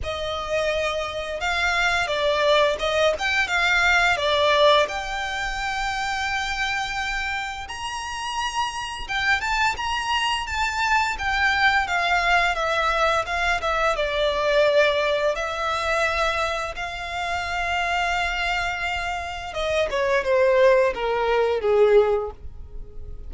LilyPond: \new Staff \with { instrumentName = "violin" } { \time 4/4 \tempo 4 = 86 dis''2 f''4 d''4 | dis''8 g''8 f''4 d''4 g''4~ | g''2. ais''4~ | ais''4 g''8 a''8 ais''4 a''4 |
g''4 f''4 e''4 f''8 e''8 | d''2 e''2 | f''1 | dis''8 cis''8 c''4 ais'4 gis'4 | }